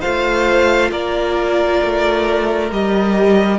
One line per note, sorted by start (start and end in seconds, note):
0.00 0.91 A3
0.00 2.71 F4
0.00 0.90 C5
0.00 0.90 F5
0.91 1.81 A#3
0.91 3.59 A#4
0.91 2.71 D5
1.82 2.71 A3
2.71 3.59 G3
2.71 3.59 G4
2.71 3.59 D#5